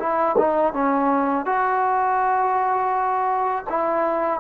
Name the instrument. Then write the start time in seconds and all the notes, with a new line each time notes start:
trombone
0.00 E4
0.39 D#4
0.74 C#4
1.46 F#4
3.70 E4